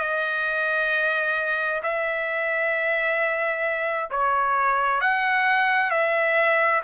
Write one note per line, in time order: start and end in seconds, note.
0.00 1.82 D#5
1.83 4.10 E5
4.10 5.01 C#5
5.01 5.91 F#5
5.91 6.82 E5